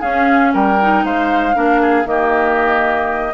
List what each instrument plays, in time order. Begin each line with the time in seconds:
0.00 clarinet C#4, bassoon C#4, oboe G#4, flute F5
0.53 bassoon G3, oboe A#4, flute G5
0.81 clarinet D#4
1.04 bassoon G#3, oboe C5, flute F5
1.54 bassoon A#3, clarinet D4, oboe A#4
1.81 oboe G#4
2.04 bassoon D#3, clarinet A#3, flute D#5
2.11 oboe G4